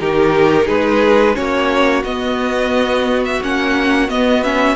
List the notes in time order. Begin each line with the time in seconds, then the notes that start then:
0.00 D#3 D#4 G4 A#4
0.66 G#3 G#4 B4
1.34 A#3 C#4 F#4 C#5
2.04 B3 D#5
3.25 E5
3.41 A#3 C#4 F#5
4.08 B3 D#5
4.43 C#4 E5